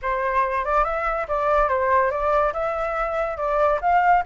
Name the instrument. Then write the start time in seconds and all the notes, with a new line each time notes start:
flute
0.01 C5
0.64 D5
0.84 E5
1.28 D5
1.68 C5
2.10 D5
2.53 E5
3.37 D5
3.81 F5